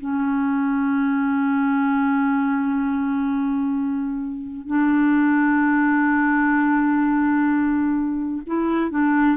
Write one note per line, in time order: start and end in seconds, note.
0.00 4.67 C#4
4.67 8.42 D4
8.46 8.91 E4
8.91 9.37 D4